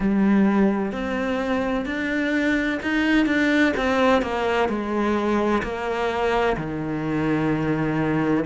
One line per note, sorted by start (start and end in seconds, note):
0.00 0.92 G3
0.92 1.85 C4
1.85 2.79 D4
2.82 3.26 D#4
3.26 3.72 D4
3.77 4.22 C4
4.22 4.68 A#3
4.68 5.62 G#3
5.62 6.56 A#3
6.56 8.44 D#3